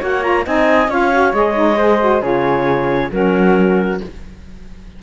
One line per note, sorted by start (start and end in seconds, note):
0.00 0.47 A#3
0.00 0.22 F#4
0.00 0.45 C#5
0.00 0.23 F#5
0.22 0.44 F4
0.22 0.45 A#5
0.46 0.89 C4
0.46 0.90 D#4
0.46 0.90 D#5
0.46 0.91 G#5
0.89 1.33 C#4
0.89 1.12 F4
0.89 1.78 C#5
0.89 1.34 F5
1.12 1.33 F#4
1.33 2.22 G#3
1.33 1.54 G#4
1.33 2.23 D#5
1.54 1.76 D#4
1.78 2.00 G#4
1.78 2.22 C5
2.00 2.21 F#4
2.21 3.11 C#3
2.21 3.10 F4
2.21 3.11 G#4
2.21 3.12 C#5
3.12 4.01 F#3
3.12 4.01 C#4
3.12 4.03 F#4
3.12 4.02 A#4